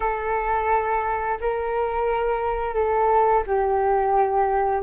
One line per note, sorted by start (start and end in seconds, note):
0.00 1.38 A4
1.40 2.74 A#4
2.74 3.43 A4
3.46 4.83 G4